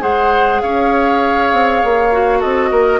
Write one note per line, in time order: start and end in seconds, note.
0.00 0.62 G#3
0.00 2.10 G#4
0.00 0.62 C5
0.00 0.61 F#5
0.61 1.53 C#4
0.61 2.39 C#5
0.61 2.41 F5
1.53 1.83 C4
1.84 2.44 A#3
2.12 3.00 F#4
2.39 2.71 C4
2.39 2.69 A4
2.39 3.00 D#5
2.71 3.00 A#3
2.71 3.00 A#4